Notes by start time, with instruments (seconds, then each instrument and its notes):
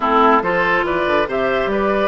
0.00 bassoon A3, clarinet C4, oboe E4, flute A4
0.41 bassoon F3, clarinet F4, oboe A4, flute C5
0.83 bassoon E3, oboe B4, flute D5
1.06 bassoon D3
1.26 bassoon C3, clarinet G4, oboe C5, flute E5
1.65 bassoon G3, oboe B4
1.72 flute D5